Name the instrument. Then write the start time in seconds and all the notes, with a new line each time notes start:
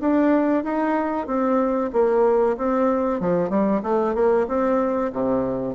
bassoon
0.00 D4
0.63 D#4
1.26 C4
1.92 A#3
2.57 C4
3.20 F3
3.49 G3
3.83 A3
4.14 A#3
4.47 C4
5.12 C3